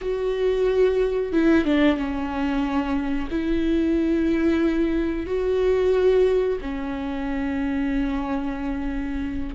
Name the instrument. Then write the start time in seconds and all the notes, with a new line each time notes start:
viola
0.01 F#4
1.32 E4
1.64 D4
1.96 C#4
3.30 E4
5.26 F#4
6.61 C#4